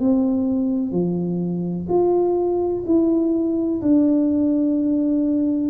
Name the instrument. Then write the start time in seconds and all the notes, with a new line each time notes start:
tuba
0.00 C4
0.92 F3
1.89 F4
2.86 E4
3.82 D4